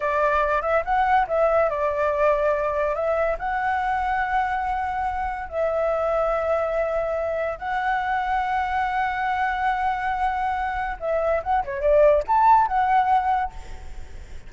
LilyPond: \new Staff \with { instrumentName = "flute" } { \time 4/4 \tempo 4 = 142 d''4. e''8 fis''4 e''4 | d''2. e''4 | fis''1~ | fis''4 e''2.~ |
e''2 fis''2~ | fis''1~ | fis''2 e''4 fis''8 cis''8 | d''4 a''4 fis''2 | }